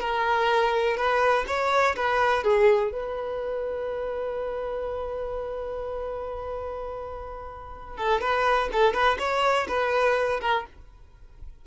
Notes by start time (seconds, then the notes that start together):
0.00 A#4
0.97 B4
1.47 C#5
1.96 B4
2.43 G#4
2.92 B4
7.97 A4
8.21 B4
8.72 A4
8.93 B4
9.18 C#5
9.68 B4
10.41 A#4